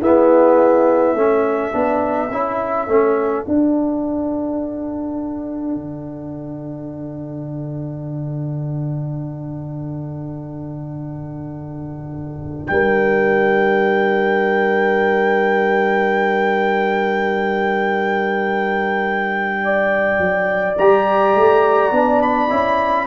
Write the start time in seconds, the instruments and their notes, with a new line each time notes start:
0.00 trombone B3, tuba E4, horn G#4, trumpet E5
1.13 tuba A3, trombone C#4, horn A4
1.71 tuba B3, trombone D4
2.30 tuba C#4, trombone E4
2.87 tuba A3, trombone C#4
3.44 trombone D4, tuba D4, trumpet F#5
5.75 tuba D3
12.67 tuba G3, horn A#4, trumpet G5
19.63 horn D5
20.18 tuba F#3
20.77 tuba G3, trombone G4, trumpet A#5
21.34 tuba A3
21.91 tuba B3, trombone D4
22.21 trumpet B5
22.49 tuba C#4, trombone E4